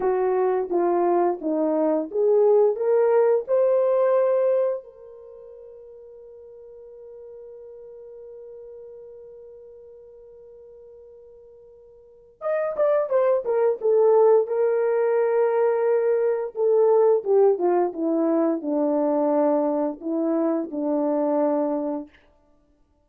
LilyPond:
\new Staff \with { instrumentName = "horn" } { \time 4/4 \tempo 4 = 87 fis'4 f'4 dis'4 gis'4 | ais'4 c''2 ais'4~ | ais'1~ | ais'1~ |
ais'2 dis''8 d''8 c''8 ais'8 | a'4 ais'2. | a'4 g'8 f'8 e'4 d'4~ | d'4 e'4 d'2 | }